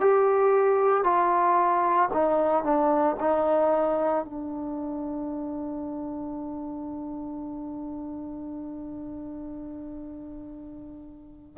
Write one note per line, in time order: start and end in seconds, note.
0.00 1.03 G4
1.03 2.09 F4
2.13 2.64 D#4
2.64 3.16 D4
3.20 4.25 D#4
4.25 11.57 D4